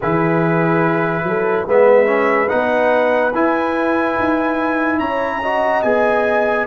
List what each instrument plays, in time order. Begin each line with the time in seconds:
0.00 tuba E3, trombone E4, horn G#4, trumpet B4
1.23 tuba F#3, horn A4
1.66 tuba G#3, trombone B3, horn B4, trumpet E5
2.05 trombone C#4
2.48 tuba B3, trombone D#4, trumpet F#5
3.34 tuba E4, trombone E4, trumpet G#5
4.19 tuba D#4
4.99 tuba C#4, horn C#5, trumpet A#5
5.42 trombone F#4, horn D#5
5.82 tuba B3, trombone G#4, trumpet G#5